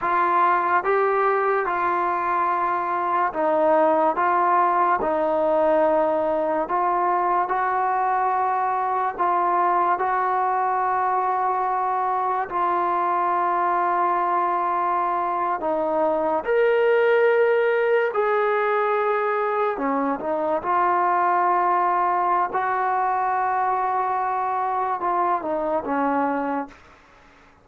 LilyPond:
\new Staff \with { instrumentName = "trombone" } { \time 4/4 \tempo 4 = 72 f'4 g'4 f'2 | dis'4 f'4 dis'2 | f'4 fis'2 f'4 | fis'2. f'4~ |
f'2~ f'8. dis'4 ais'16~ | ais'4.~ ais'16 gis'2 cis'16~ | cis'16 dis'8 f'2~ f'16 fis'4~ | fis'2 f'8 dis'8 cis'4 | }